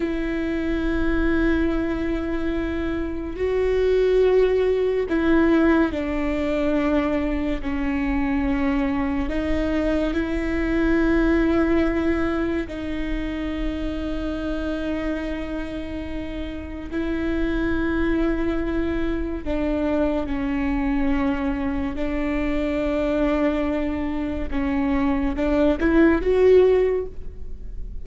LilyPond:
\new Staff \with { instrumentName = "viola" } { \time 4/4 \tempo 4 = 71 e'1 | fis'2 e'4 d'4~ | d'4 cis'2 dis'4 | e'2. dis'4~ |
dis'1 | e'2. d'4 | cis'2 d'2~ | d'4 cis'4 d'8 e'8 fis'4 | }